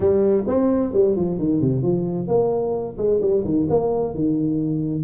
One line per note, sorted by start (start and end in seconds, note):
0.00 0.44 G3
0.47 0.93 C4
0.93 1.16 G3
1.16 1.38 F3
1.38 1.61 D#3
1.61 1.82 C3
1.82 2.27 F3
2.27 2.96 A#3
2.97 3.20 G#3
3.21 3.44 G3
3.44 3.67 D#3
3.69 4.14 A#3
4.14 5.04 D#3